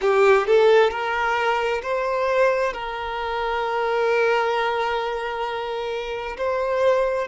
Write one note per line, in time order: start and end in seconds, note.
0.01 0.46 G4
0.47 0.90 A4
0.90 1.81 A#4
1.82 2.73 C5
2.73 6.36 A#4
6.37 7.27 C5